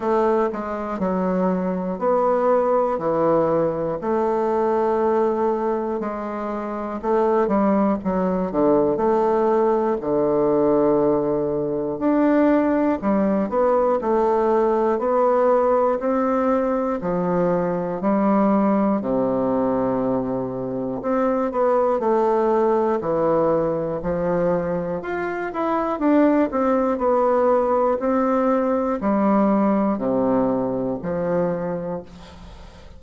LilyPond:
\new Staff \with { instrumentName = "bassoon" } { \time 4/4 \tempo 4 = 60 a8 gis8 fis4 b4 e4 | a2 gis4 a8 g8 | fis8 d8 a4 d2 | d'4 g8 b8 a4 b4 |
c'4 f4 g4 c4~ | c4 c'8 b8 a4 e4 | f4 f'8 e'8 d'8 c'8 b4 | c'4 g4 c4 f4 | }